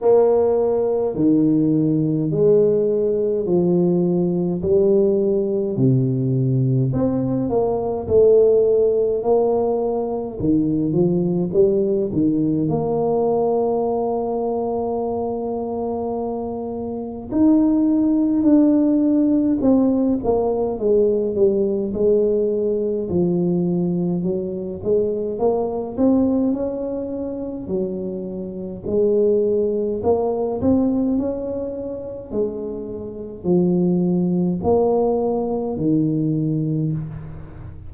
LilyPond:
\new Staff \with { instrumentName = "tuba" } { \time 4/4 \tempo 4 = 52 ais4 dis4 gis4 f4 | g4 c4 c'8 ais8 a4 | ais4 dis8 f8 g8 dis8 ais4~ | ais2. dis'4 |
d'4 c'8 ais8 gis8 g8 gis4 | f4 fis8 gis8 ais8 c'8 cis'4 | fis4 gis4 ais8 c'8 cis'4 | gis4 f4 ais4 dis4 | }